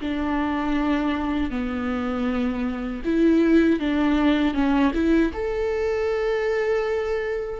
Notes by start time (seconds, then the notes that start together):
0.00 D4
1.51 B3
3.05 E4
3.80 D4
4.54 C#4
4.94 E4
5.33 A4